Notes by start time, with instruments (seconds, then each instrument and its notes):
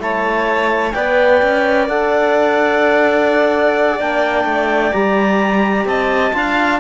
0.00 cello A3, trombone E4, violin C#5, clarinet A5
0.92 cello B3, trombone B4, violin D5, clarinet G5
1.43 cello C#4
1.89 cello D4, trombone A4, clarinet F#5
4.00 cello A#3, trombone D4, clarinet G5
4.45 cello A3
4.93 cello G3, trombone G4, clarinet A#5
5.86 cello C4, violin D#5, clarinet A5
6.34 cello D4, trombone F4, violin F5